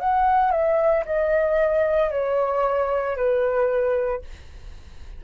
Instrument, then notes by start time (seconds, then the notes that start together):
flute
0.00 F#5
0.52 E5
1.06 D#5
2.11 C#5
3.16 B4